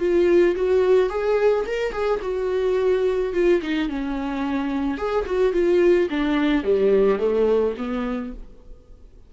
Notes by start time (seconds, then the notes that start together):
0.00 F4
0.56 F#4
1.10 G#4
1.67 A#4
1.92 G#4
2.22 F#4
3.34 F4
3.62 D#4
3.89 C#4
4.98 G#4
5.26 F#4
5.53 F4
6.10 D4
6.64 G3
7.19 A3
7.78 B3